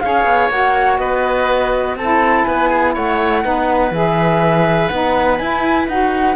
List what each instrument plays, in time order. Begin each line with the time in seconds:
0.00 cello C#4, saxophone G#4, oboe C#5, flute F5
0.25 cello B3
0.49 cello A#3, saxophone F#4, flute F#5
0.98 cello B3, oboe B4, flute D#5
1.95 cello C4, saxophone E4, oboe A4, flute A5
2.44 cello B3, oboe B4, flute G#5
2.69 oboe G#4
2.94 cello A3, oboe C#5, flute F#5
3.43 cello B3, saxophone D#4, oboe B4
3.90 cello E3, saxophone G#4, flute E5
4.88 cello B3, saxophone D#4, flute F#5
5.37 cello E4, saxophone E4, flute G#5
5.88 cello D#4, saxophone F#4, flute F#5